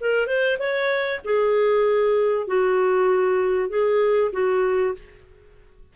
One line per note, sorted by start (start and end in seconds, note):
0.00 0.26 A#4
0.26 0.57 C5
0.59 1.21 C#5
1.24 2.47 G#4
2.47 3.69 F#4
3.69 4.31 G#4
4.32 4.94 F#4